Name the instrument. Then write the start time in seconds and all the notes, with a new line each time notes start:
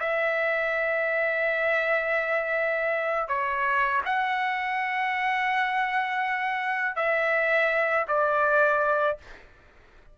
trumpet
0.00 E5
3.28 C#5
4.05 F#5
6.96 E5
8.08 D5